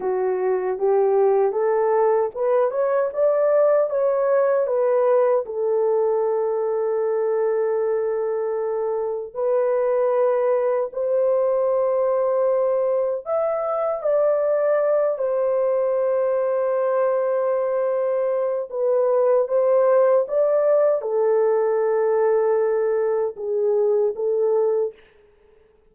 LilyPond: \new Staff \with { instrumentName = "horn" } { \time 4/4 \tempo 4 = 77 fis'4 g'4 a'4 b'8 cis''8 | d''4 cis''4 b'4 a'4~ | a'1 | b'2 c''2~ |
c''4 e''4 d''4. c''8~ | c''1 | b'4 c''4 d''4 a'4~ | a'2 gis'4 a'4 | }